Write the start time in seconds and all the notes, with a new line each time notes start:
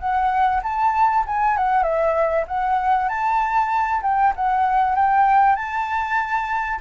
0.00 F#5
0.63 A5
1.27 G#5
1.58 F#5
1.84 E5
2.48 F#5
3.09 A5
4.03 G5
4.36 F#5
4.96 G5
5.56 A5